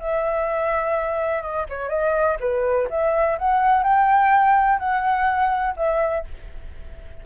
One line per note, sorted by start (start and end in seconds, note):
0.00 1.42 E5
1.42 1.66 D#5
1.69 1.89 C#5
1.89 2.37 D#5
2.40 2.88 B4
2.90 3.38 E5
3.39 3.83 F#5
3.83 4.79 G5
4.79 5.75 F#5
5.77 6.25 E5